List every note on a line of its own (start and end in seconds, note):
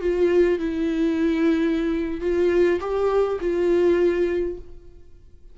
0.00 0.59 F4
0.59 2.20 E4
2.20 2.79 F4
2.80 3.39 G4
3.40 4.58 F4